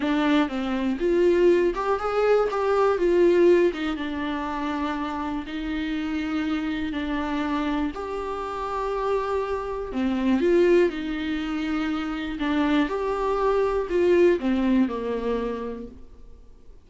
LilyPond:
\new Staff \with { instrumentName = "viola" } { \time 4/4 \tempo 4 = 121 d'4 c'4 f'4. g'8 | gis'4 g'4 f'4. dis'8 | d'2. dis'4~ | dis'2 d'2 |
g'1 | c'4 f'4 dis'2~ | dis'4 d'4 g'2 | f'4 c'4 ais2 | }